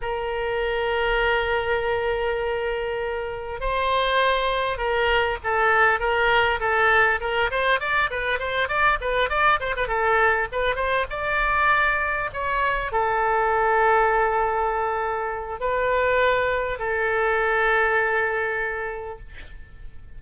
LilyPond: \new Staff \with { instrumentName = "oboe" } { \time 4/4 \tempo 4 = 100 ais'1~ | ais'2 c''2 | ais'4 a'4 ais'4 a'4 | ais'8 c''8 d''8 b'8 c''8 d''8 b'8 d''8 |
c''16 b'16 a'4 b'8 c''8 d''4.~ | d''8 cis''4 a'2~ a'8~ | a'2 b'2 | a'1 | }